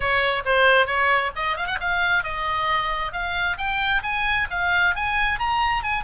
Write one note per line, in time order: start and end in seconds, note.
0.00 0.43 C#5
0.45 0.86 C5
0.86 1.31 C#5
1.35 1.57 D#5
1.57 1.66 F5
1.66 1.78 F#5
1.80 2.23 F5
2.23 3.12 D#5
3.12 3.57 F5
3.57 4.02 G5
4.03 4.47 G#5
4.50 4.95 F5
4.95 5.39 G#5
5.39 5.83 A#5
5.83 6.03 G#5